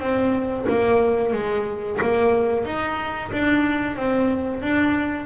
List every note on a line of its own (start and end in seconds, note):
0.00 0.66 C4
0.69 1.33 A#3
1.33 1.99 G#3
2.02 2.65 A#3
2.65 3.31 D#4
3.32 3.97 D4
3.97 4.62 C4
4.62 5.26 D4